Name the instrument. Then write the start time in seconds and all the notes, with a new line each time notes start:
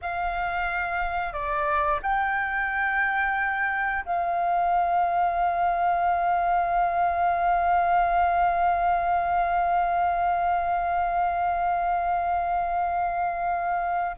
flute
0.01 F5
1.32 D5
2.02 G5
4.05 F5